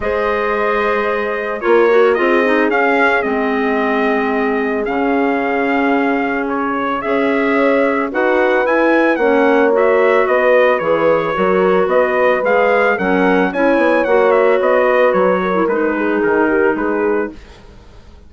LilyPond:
<<
  \new Staff \with { instrumentName = "trumpet" } { \time 4/4 \tempo 4 = 111 dis''2. cis''4 | dis''4 f''4 dis''2~ | dis''4 f''2. | cis''4 e''2 fis''4 |
gis''4 fis''4 e''4 dis''4 | cis''2 dis''4 f''4 | fis''4 gis''4 fis''8 e''8 dis''4 | cis''4 b'4 ais'4 b'4 | }
  \new Staff \with { instrumentName = "horn" } { \time 4/4 c''2. ais'4 | gis'1~ | gis'1~ | gis'4 cis''2 b'4~ |
b'4 cis''2 b'4~ | b'4 ais'4 b'2 | ais'4 cis''2~ cis''8 b'8~ | b'8 ais'4 gis'4 g'8 gis'4 | }
  \new Staff \with { instrumentName = "clarinet" } { \time 4/4 gis'2. f'8 fis'8 | f'8 dis'8 cis'4 c'2~ | c'4 cis'2.~ | cis'4 gis'2 fis'4 |
e'4 cis'4 fis'2 | gis'4 fis'2 gis'4 | cis'4 e'4 fis'2~ | fis'8. e'16 dis'2. | }
  \new Staff \with { instrumentName = "bassoon" } { \time 4/4 gis2. ais4 | c'4 cis'4 gis2~ | gis4 cis2.~ | cis4 cis'2 dis'4 |
e'4 ais2 b4 | e4 fis4 b4 gis4 | fis4 cis'8 b8 ais4 b4 | fis4 gis4 dis4 gis4 | }
>>